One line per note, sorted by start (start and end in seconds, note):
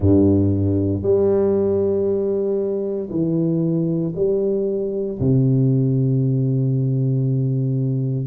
0.00 1.02 G2
1.02 3.09 G3
3.09 4.13 E3
4.15 5.18 G3
5.19 8.27 C3